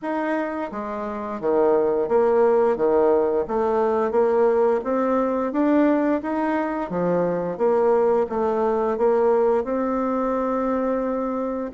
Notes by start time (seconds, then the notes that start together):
0.02 D#4
0.71 G#3
1.40 D#3
2.08 A#3
2.76 D#3
3.47 A3
4.11 A#3
4.84 C4
5.52 D4
6.22 D#4
6.90 F3
7.57 A#3
8.29 A3
8.97 A#3
9.64 C4